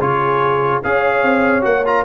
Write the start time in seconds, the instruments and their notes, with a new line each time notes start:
0.00 tuba C#3, trombone F4, horn G#4, trumpet C#5
0.83 tuba C#4, trombone G#4, horn C#5, trumpet F5
1.23 tuba C4
1.61 tuba A#3, trombone F#4, trumpet F#5
1.85 trombone F4, trumpet A#5